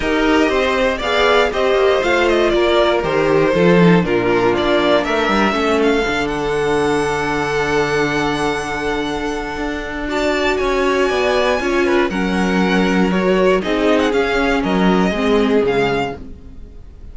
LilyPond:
<<
  \new Staff \with { instrumentName = "violin" } { \time 4/4 \tempo 4 = 119 dis''2 f''4 dis''4 | f''8 dis''8 d''4 c''2 | ais'4 d''4 e''4. f''8~ | f''8 fis''2.~ fis''8~ |
fis''1 | a''4 gis''2. | fis''2 cis''4 dis''8. fis''16 | f''4 dis''2 f''4 | }
  \new Staff \with { instrumentName = "violin" } { \time 4/4 ais'4 c''4 d''4 c''4~ | c''4 ais'2 a'4 | f'2 ais'4 a'4~ | a'1~ |
a'1 | d''4 cis''4 d''4 cis''8 b'8 | ais'2. gis'4~ | gis'4 ais'4 gis'2 | }
  \new Staff \with { instrumentName = "viola" } { \time 4/4 g'2 gis'4 g'4 | f'2 g'4 f'8 dis'8 | d'2. cis'4 | d'1~ |
d'1 | fis'2. f'4 | cis'2 fis'4 dis'4 | cis'2 c'4 gis4 | }
  \new Staff \with { instrumentName = "cello" } { \time 4/4 dis'4 c'4 b4 c'8 ais8 | a4 ais4 dis4 f4 | ais,4 ais4 a8 g8 a4 | d1~ |
d2. d'4~ | d'4 cis'4 b4 cis'4 | fis2. c'4 | cis'4 fis4 gis4 cis4 | }
>>